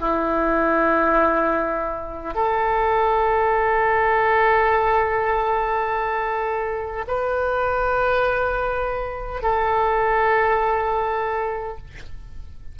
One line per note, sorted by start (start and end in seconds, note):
0.00 2.35 E4
2.35 7.05 A4
7.08 9.43 B4
9.43 11.78 A4